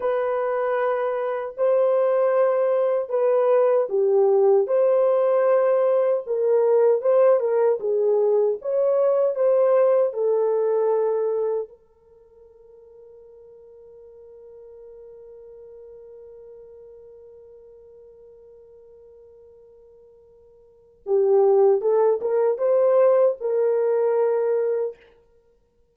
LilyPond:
\new Staff \with { instrumentName = "horn" } { \time 4/4 \tempo 4 = 77 b'2 c''2 | b'4 g'4 c''2 | ais'4 c''8 ais'8 gis'4 cis''4 | c''4 a'2 ais'4~ |
ais'1~ | ais'1~ | ais'2. g'4 | a'8 ais'8 c''4 ais'2 | }